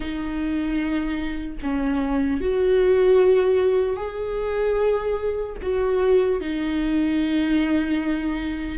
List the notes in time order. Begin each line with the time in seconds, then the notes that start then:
0.00 D#4
1.62 C#4
2.40 F#4
3.96 G#4
5.61 F#4
6.40 D#4